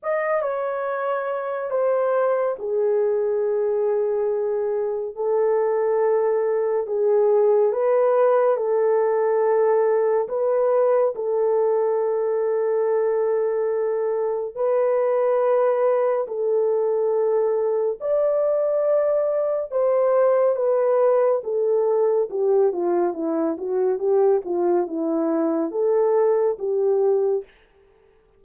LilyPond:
\new Staff \with { instrumentName = "horn" } { \time 4/4 \tempo 4 = 70 dis''8 cis''4. c''4 gis'4~ | gis'2 a'2 | gis'4 b'4 a'2 | b'4 a'2.~ |
a'4 b'2 a'4~ | a'4 d''2 c''4 | b'4 a'4 g'8 f'8 e'8 fis'8 | g'8 f'8 e'4 a'4 g'4 | }